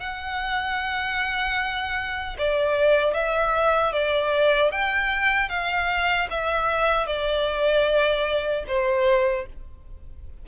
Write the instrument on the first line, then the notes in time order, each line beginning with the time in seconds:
violin
0.00 F#5
2.39 D5
3.14 E5
3.93 D5
4.72 G5
5.49 F5
6.30 E5
7.07 D5
8.68 C5